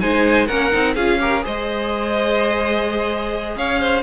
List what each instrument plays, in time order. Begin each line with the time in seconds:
0.00 cello G#3, viola D#4, violin C5 G#5
0.47 cello A#3, viola C#4, violin A#4 F#5
0.72 cello C4, viola D#4
0.95 cello C#4, viola F4, violin G#4 F5
1.20 viola G4, violin A#4
1.42 cello G#3, viola G#4, violin C5 D#5
3.56 cello C#4, violin C#5 F5
3.80 violin C5